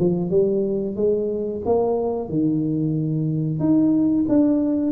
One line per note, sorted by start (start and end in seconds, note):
0.00 0.31 F3
0.31 0.97 G3
0.97 1.62 G#3
1.66 2.29 A#3
2.29 3.60 D#3
3.60 4.26 D#4
4.29 4.92 D4